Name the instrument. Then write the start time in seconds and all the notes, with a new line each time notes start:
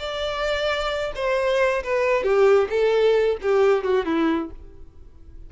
violin
0.00 D5
1.16 C5
1.84 B4
2.24 G4
2.70 A4
3.42 G4
3.84 F#4
4.06 E4